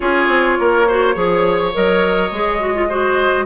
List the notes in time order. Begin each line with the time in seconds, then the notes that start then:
0.00 C#4 F4 G#4 C#5
0.28 C4
0.59 A#3 A#4
0.87 F#4 C5
1.14 F3 G#4 C#5
1.73 F#3 A#4 D#5
2.31 G#3 G#4
2.59 F#4
2.74 F4
2.88 F#4 C5